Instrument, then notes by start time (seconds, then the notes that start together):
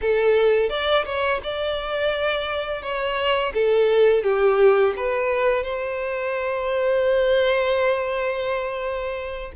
violin
0.01 A4
0.69 D5
1.05 C#5
1.43 D5
2.82 C#5
3.54 A4
4.23 G4
4.96 B4
5.63 C5